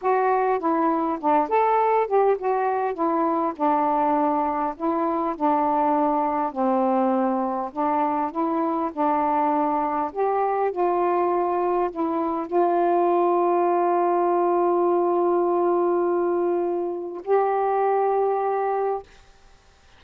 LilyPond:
\new Staff \with { instrumentName = "saxophone" } { \time 4/4 \tempo 4 = 101 fis'4 e'4 d'8 a'4 g'8 | fis'4 e'4 d'2 | e'4 d'2 c'4~ | c'4 d'4 e'4 d'4~ |
d'4 g'4 f'2 | e'4 f'2.~ | f'1~ | f'4 g'2. | }